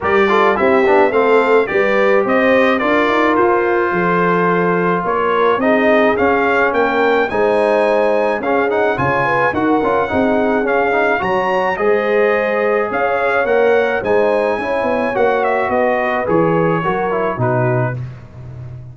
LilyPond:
<<
  \new Staff \with { instrumentName = "trumpet" } { \time 4/4 \tempo 4 = 107 d''4 e''4 f''4 d''4 | dis''4 d''4 c''2~ | c''4 cis''4 dis''4 f''4 | g''4 gis''2 f''8 fis''8 |
gis''4 fis''2 f''4 | ais''4 dis''2 f''4 | fis''4 gis''2 fis''8 e''8 | dis''4 cis''2 b'4 | }
  \new Staff \with { instrumentName = "horn" } { \time 4/4 ais'8 a'8 g'4 a'4 b'4 | c''4 ais'2 a'4~ | a'4 ais'4 gis'2 | ais'4 c''2 gis'4 |
cis''8 b'8 ais'4 gis'2 | cis''4 c''2 cis''4~ | cis''4 c''4 cis''2 | b'2 ais'4 fis'4 | }
  \new Staff \with { instrumentName = "trombone" } { \time 4/4 g'8 f'8 e'8 d'8 c'4 g'4~ | g'4 f'2.~ | f'2 dis'4 cis'4~ | cis'4 dis'2 cis'8 dis'8 |
f'4 fis'8 f'8 dis'4 cis'8 dis'8 | fis'4 gis'2. | ais'4 dis'4 e'4 fis'4~ | fis'4 gis'4 fis'8 e'8 dis'4 | }
  \new Staff \with { instrumentName = "tuba" } { \time 4/4 g4 c'8 b8 a4 g4 | c'4 d'8 dis'8 f'4 f4~ | f4 ais4 c'4 cis'4 | ais4 gis2 cis'4 |
cis4 dis'8 cis'8 c'4 cis'4 | fis4 gis2 cis'4 | ais4 gis4 cis'8 b8 ais4 | b4 e4 fis4 b,4 | }
>>